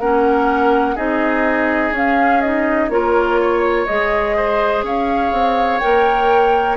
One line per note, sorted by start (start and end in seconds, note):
0.00 0.97 A#3
0.00 0.97 C#4
0.00 0.95 A#4
0.00 0.97 F#5
0.95 1.91 C4
0.95 1.93 D#4
0.95 2.89 G#4
0.95 1.94 D#5
1.91 2.88 C#4
1.91 2.44 C#4
1.91 2.41 F5
2.41 2.91 D#4
2.41 2.90 D#5
2.89 3.86 A#3
2.89 3.88 F4
2.89 3.41 A#4
2.89 3.86 C#5
3.41 4.36 C#5
3.86 4.83 G#3
3.86 5.81 G#4
3.86 4.83 D#5
4.36 4.85 C5
4.83 5.32 C#4
4.83 6.77 C#5
4.83 5.79 F5
5.32 5.80 C4
5.79 6.77 A#3
5.79 6.77 A#4
5.79 6.76 G5